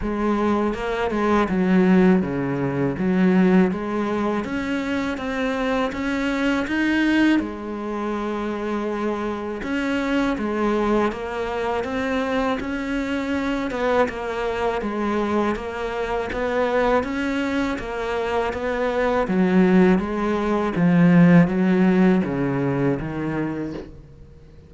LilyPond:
\new Staff \with { instrumentName = "cello" } { \time 4/4 \tempo 4 = 81 gis4 ais8 gis8 fis4 cis4 | fis4 gis4 cis'4 c'4 | cis'4 dis'4 gis2~ | gis4 cis'4 gis4 ais4 |
c'4 cis'4. b8 ais4 | gis4 ais4 b4 cis'4 | ais4 b4 fis4 gis4 | f4 fis4 cis4 dis4 | }